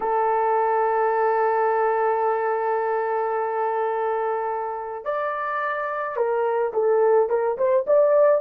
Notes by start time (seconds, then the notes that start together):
0.00 A4
5.04 D5
6.16 A#4
6.73 A4
7.29 A#4
7.57 C5
7.87 D5